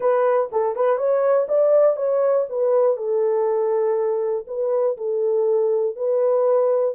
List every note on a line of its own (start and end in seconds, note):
0.00 0.50 B4
0.51 0.75 A4
0.75 0.97 B4
0.97 1.47 C#5
1.48 1.96 D5
1.96 2.45 C#5
2.49 2.96 B4
2.96 4.45 A4
4.47 4.96 B4
4.97 5.96 A4
5.96 6.94 B4